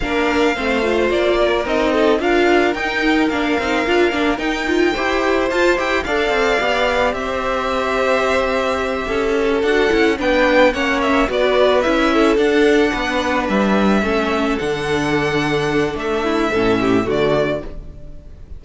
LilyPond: <<
  \new Staff \with { instrumentName = "violin" } { \time 4/4 \tempo 4 = 109 f''2 d''4 dis''4 | f''4 g''4 f''2 | g''2 a''8 g''8 f''4~ | f''4 e''2.~ |
e''4. fis''4 g''4 fis''8 | e''8 d''4 e''4 fis''4.~ | fis''8 e''2 fis''4.~ | fis''4 e''2 d''4 | }
  \new Staff \with { instrumentName = "violin" } { \time 4/4 ais'4 c''4. ais'4 a'8 | ais'1~ | ais'4 c''2 d''4~ | d''4 c''2.~ |
c''8 a'2 b'4 cis''8~ | cis''8 b'4. a'4. b'8~ | b'4. a'2~ a'8~ | a'4. e'8 a'8 g'8 fis'4 | }
  \new Staff \with { instrumentName = "viola" } { \time 4/4 d'4 c'8 f'4. dis'4 | f'4 dis'4 d'8 dis'8 f'8 d'8 | dis'8 f'8 g'4 f'8 g'8 a'4 | g'1~ |
g'4. fis'8 e'8 d'4 cis'8~ | cis'8 fis'4 e'4 d'4.~ | d'4. cis'4 d'4.~ | d'2 cis'4 a4 | }
  \new Staff \with { instrumentName = "cello" } { \time 4/4 ais4 a4 ais4 c'4 | d'4 dis'4 ais8 c'8 d'8 ais8 | dis'4 e'4 f'8 e'8 d'8 c'8 | b4 c'2.~ |
c'8 cis'4 d'8 cis'8 b4 ais8~ | ais8 b4 cis'4 d'4 b8~ | b8 g4 a4 d4.~ | d4 a4 a,4 d4 | }
>>